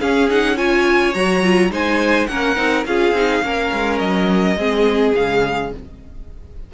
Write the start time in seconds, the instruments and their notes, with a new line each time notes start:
0.00 viola C#4, cello C#4, violin G#4 F5
0.30 viola D#4, violin F#5
0.56 viola F4, violin C#5 G#5
1.14 cello F#3, viola F#4, violin A#5
1.43 viola F4
1.70 cello G#3, viola D#4, violin C5 G#5
2.27 cello A#3, viola C#4, violin A#4 F#5
2.56 cello C4, viola D#4
2.85 cello C#4, viola F4, violin G#4 F5
3.12 cello C4, viola D#4
3.42 cello A#3, viola C#4, violin A#4
3.73 cello G#3
3.99 cello F#3, violin D#5
4.56 cello G#3, viola C4, violin G#4
5.15 cello C#3, viola G#3, violin F5